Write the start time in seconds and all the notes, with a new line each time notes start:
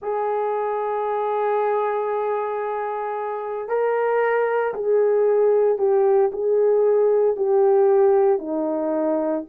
0.02 G#4
3.68 A#4
4.74 G#4
5.78 G4
6.32 G#4
7.36 G4
8.38 D#4